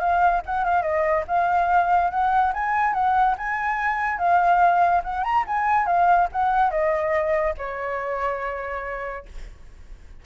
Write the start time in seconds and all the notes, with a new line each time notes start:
0.00 F5
0.46 F#5
0.65 F5
0.83 D#5
1.28 F5
2.11 F#5
2.54 G#5
2.94 F#5
3.38 G#5
4.19 F5
5.04 F#5
5.24 A#5
5.47 G#5
5.87 F5
6.32 F#5
6.71 D#5
7.58 C#5